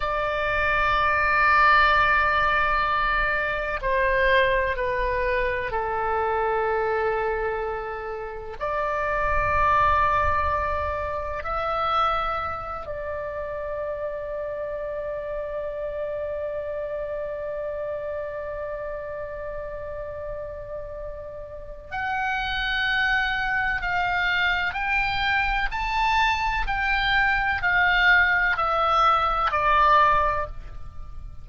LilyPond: \new Staff \with { instrumentName = "oboe" } { \time 4/4 \tempo 4 = 63 d''1 | c''4 b'4 a'2~ | a'4 d''2. | e''4. d''2~ d''8~ |
d''1~ | d''2. fis''4~ | fis''4 f''4 g''4 a''4 | g''4 f''4 e''4 d''4 | }